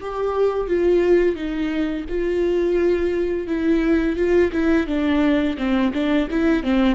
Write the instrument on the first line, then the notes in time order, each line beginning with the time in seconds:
viola
0.00 G4
0.67 F4
1.35 D#4
2.08 F4
3.47 E4
4.16 F4
4.52 E4
4.86 D4
5.57 C4
5.93 D4
6.30 E4
6.63 C4